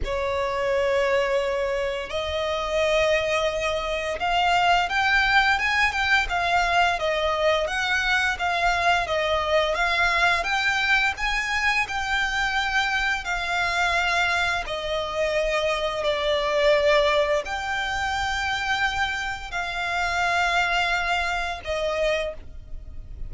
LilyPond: \new Staff \with { instrumentName = "violin" } { \time 4/4 \tempo 4 = 86 cis''2. dis''4~ | dis''2 f''4 g''4 | gis''8 g''8 f''4 dis''4 fis''4 | f''4 dis''4 f''4 g''4 |
gis''4 g''2 f''4~ | f''4 dis''2 d''4~ | d''4 g''2. | f''2. dis''4 | }